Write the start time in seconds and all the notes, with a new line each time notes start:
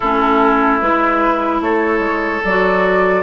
0.00 A3 C#4 E4 A4
0.80 G#3 E4 B4
1.60 A3 A4 C#5
1.99 G#3
2.44 F#3 F#4 D5